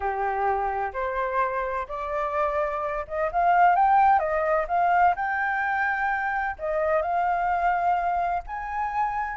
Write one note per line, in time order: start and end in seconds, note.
0.00 0.92 G4
0.93 1.87 C5
1.87 3.05 D5
3.07 3.30 D#5
3.32 3.75 F5
3.75 4.19 G5
4.19 4.66 D#5
4.67 5.14 F5
5.15 6.56 G5
6.58 7.02 D#5
7.02 8.42 F5
8.46 9.37 G#5